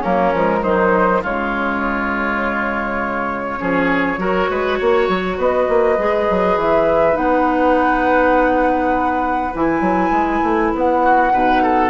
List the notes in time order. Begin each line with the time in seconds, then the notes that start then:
0.00 F#3 A#3 C#4 A#4
0.34 F3 G#3
0.63 D#3 F#3 D#4 C5
1.22 C#3 G#3 F4 C#5
3.58 F3 C#4 G#4
4.18 F#3 F#4 A#4
4.50 G#3 B4
4.79 A#3 C#5
5.09 F#3
5.37 B3 B4 D#5
5.69 A#3
5.98 G#3 G#4
6.30 F#3
6.57 E3 E5
7.13 B3 D#4 F#5
9.55 E3 E4 G#5
9.81 F#3
10.11 G#3
10.43 A3
10.75 B3 F#5
11.03 F#4
11.32 B2 D#4 B4
11.63 A4